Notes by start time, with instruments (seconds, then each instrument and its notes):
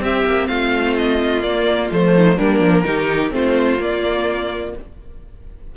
0.00 cello C4, viola C4, violin G4 E5
0.25 cello A#3
0.47 cello A3, violin F4 F5
0.97 violin D#5
1.42 viola A#3, cello A#3, violin D5
1.91 cello F3, viola A3, violin C5
2.16 violin D#4
2.36 cello G3, viola A#3, violin D4 A#4
2.60 cello F3
2.85 cello D#3, viola D#4, violin G4
3.31 cello A3, viola C4, violin F4 C5
3.79 cello A#3, viola A#3, violin D5